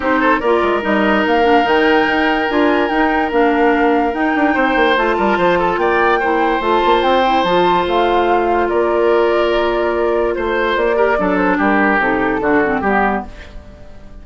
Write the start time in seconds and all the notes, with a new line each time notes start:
0.00 C4 D#4 G4 C5
0.19 A4
0.40 A#3 F4 A#4 D5
0.62 G#3
0.81 G3 D#4 D#5
1.26 A#3 F5
1.42 D4
1.63 D#3 D#4 G5
2.06 D#4
2.49 D4 F4 G#5
2.88 D#4 G5
3.31 A#3 D4 F5
4.12 D#4 G5
4.35 D4
4.54 C4 C5
4.75 A#3
4.97 A3 F4 A5
5.17 G3 A#4
5.37 F3 C5
5.58 A4
5.77 A#3 D5 G5
6.19 E4 C5
6.60 A3 F4 A5
6.85 A#3
7.02 C4 G5
7.25 E4
7.43 F3 F4 A5
7.87 A3 F5
8.69 A#3 A#4 D5
10.33 A3 C5
10.76 A#3 D5
10.95 G4 A#4
11.18 F#3 D4 A4
11.36 C5
11.57 G3 G4 A#4
11.98 C3 D#4 A4
12.40 D3 D4 F#4
12.63 C4
12.81 G3 B3 G4